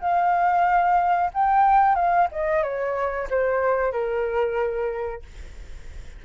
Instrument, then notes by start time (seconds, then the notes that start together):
flute
0.00 F5
1.33 G5
1.95 F5
2.31 D#5
2.62 C#5
3.30 C5
3.92 A#4